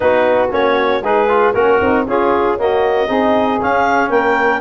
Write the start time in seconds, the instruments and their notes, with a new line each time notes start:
0.00 tuba B3, trombone D#4, saxophone F#4, clarinet B4
0.51 tuba A#3, trombone C#4, clarinet C#5
1.01 tuba G#3, trombone D#4, saxophone G#4, clarinet B4
1.28 trombone F4
1.53 tuba A#3, saxophone C#4, trombone F#4, clarinet A#4
1.80 tuba C4, saxophone D#4
2.05 tuba C#4, trombone C#4, saxophone F4, clarinet G#4
2.58 trombone A#3, saxophone F#4, clarinet D#5
3.07 tuba C4, trombone D#4, saxophone G#4
3.60 trombone C#4, tuba C#4, clarinet F5
4.09 tuba A#3, saxophone A#4, clarinet G5